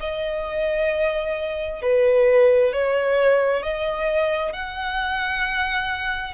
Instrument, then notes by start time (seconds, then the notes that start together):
violin
0.00 D#5
1.82 B4
2.73 C#5
3.63 D#5
4.53 F#5